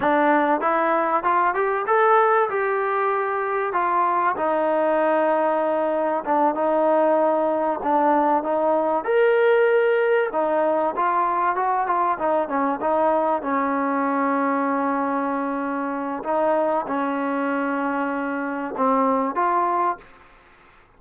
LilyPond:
\new Staff \with { instrumentName = "trombone" } { \time 4/4 \tempo 4 = 96 d'4 e'4 f'8 g'8 a'4 | g'2 f'4 dis'4~ | dis'2 d'8 dis'4.~ | dis'8 d'4 dis'4 ais'4.~ |
ais'8 dis'4 f'4 fis'8 f'8 dis'8 | cis'8 dis'4 cis'2~ cis'8~ | cis'2 dis'4 cis'4~ | cis'2 c'4 f'4 | }